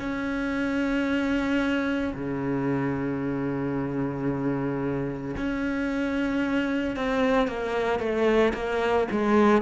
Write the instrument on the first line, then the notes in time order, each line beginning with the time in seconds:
cello
0.00 C#4
2.15 C#3
5.37 C#4
6.97 C4
7.48 A#3
8.00 A3
8.55 A#3
9.12 G#3